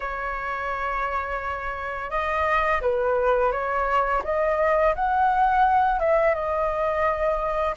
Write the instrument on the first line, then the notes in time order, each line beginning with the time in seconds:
flute
0.00 C#5
2.10 D#5
2.81 B4
3.51 C#5
4.24 D#5
4.95 F#5
5.99 E5
6.34 D#5